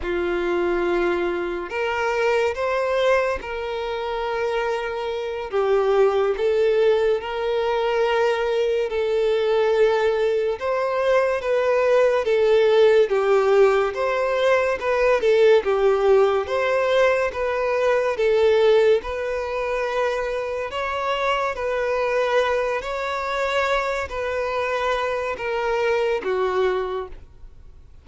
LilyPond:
\new Staff \with { instrumentName = "violin" } { \time 4/4 \tempo 4 = 71 f'2 ais'4 c''4 | ais'2~ ais'8 g'4 a'8~ | a'8 ais'2 a'4.~ | a'8 c''4 b'4 a'4 g'8~ |
g'8 c''4 b'8 a'8 g'4 c''8~ | c''8 b'4 a'4 b'4.~ | b'8 cis''4 b'4. cis''4~ | cis''8 b'4. ais'4 fis'4 | }